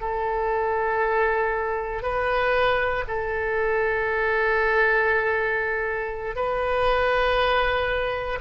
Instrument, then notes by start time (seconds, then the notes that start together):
oboe
0.00 A4
2.02 B4
3.07 A4
6.35 B4